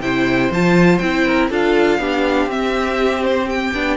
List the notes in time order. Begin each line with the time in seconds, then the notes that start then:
0.00 C3 E4 C5 G5
0.50 F3 F4 A5
0.98 C4 E4 G5
1.26 A#4
1.50 D4 F4 A4 F5
1.99 B3 D4 G4
2.46 C4 E5
3.24 C5
3.49 G5
3.74 B3 D4